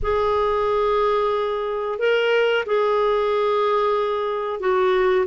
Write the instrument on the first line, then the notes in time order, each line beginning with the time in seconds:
clarinet
0.02 G#4
1.98 A#4
2.66 G#4
4.59 F#4